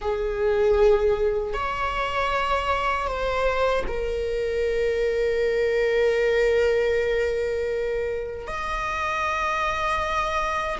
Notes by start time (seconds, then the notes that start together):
0.01 G#4
1.53 C#5
3.07 C5
3.87 A#4
8.47 D#5